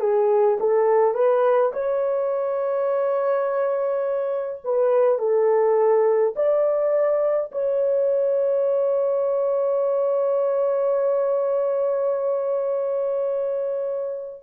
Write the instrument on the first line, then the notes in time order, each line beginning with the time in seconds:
horn
0.00 G#4
0.60 A4
1.14 B4
1.73 C#5
4.65 B4
5.19 A4
6.36 D5
7.52 C#5